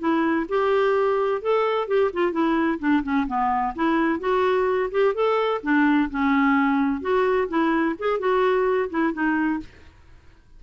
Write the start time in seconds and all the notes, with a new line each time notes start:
0.00 E4
0.49 G4
1.42 A4
1.88 G4
2.14 F4
2.33 E4
2.80 D4
3.04 C#4
3.28 B3
3.76 E4
4.20 F#4
4.92 G4
5.15 A4
5.63 D4
6.11 C#4
7.02 F#4
7.49 E4
7.99 G#4
8.20 F#4
8.91 E4
9.14 D#4